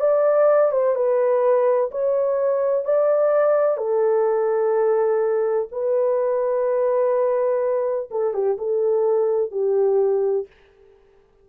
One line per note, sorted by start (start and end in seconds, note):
0.00 0.71 D5
0.71 0.95 C5
0.95 1.90 B4
1.90 2.84 C#5
2.84 3.77 D5
3.77 5.68 A4
5.71 8.09 B4
8.10 8.33 A4
8.33 8.57 G4
8.58 9.51 A4
9.51 10.46 G4